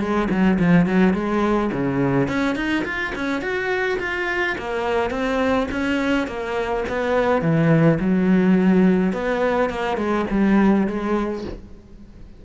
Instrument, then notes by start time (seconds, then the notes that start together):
cello
0.00 G#3
0.30 F#3
0.60 F3
0.86 F#3
1.14 G#3
1.72 C#3
2.28 C#4
2.56 D#4
2.85 F4
3.16 C#4
3.42 F#4
3.99 F4
4.58 A#3
5.11 C4
5.72 C#4
6.28 A#3
6.89 B3
7.42 E3
8.01 F#3
9.13 B3
9.70 A#3
9.97 G#3
10.31 G3
10.88 G#3